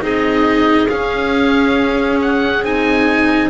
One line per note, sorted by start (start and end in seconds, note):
0.00 0.88 C4
0.00 0.87 D#4
0.00 3.49 G#4
0.00 0.89 D#5
0.89 2.63 C#4
0.89 2.19 F5
2.21 2.64 F#5
2.63 3.49 C4
2.63 3.49 D#4
2.63 3.49 G#5